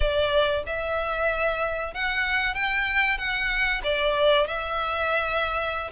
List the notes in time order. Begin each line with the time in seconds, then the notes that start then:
0.00 D5
0.66 E5
1.94 F#5
2.54 G5
3.17 F#5
3.83 D5
4.47 E5